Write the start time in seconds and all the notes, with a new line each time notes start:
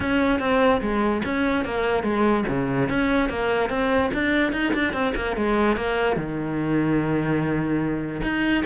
0.00 C#4
0.39 C4
0.81 G#3
1.24 C#4
1.64 A#3
2.03 G#3
2.48 C#3
2.89 C#4
3.29 A#3
3.69 C4
4.13 D4
4.52 D#4
4.74 D4
4.93 C4
5.15 A#3
5.36 G#3
5.76 A#3
6.16 D#3
8.22 D#4